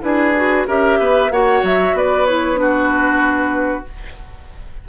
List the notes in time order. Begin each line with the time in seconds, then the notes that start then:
0.00 D4 E4 G#4 B4
0.35 F#4
0.67 C#4 G4 A#4 E5
0.99 B3 B4
1.30 A#3 F#4 C#5 F#5
1.62 F#3 E5
1.93 B3 B4 D5
2.25 E4 C#5
2.55 D4 F#4 B4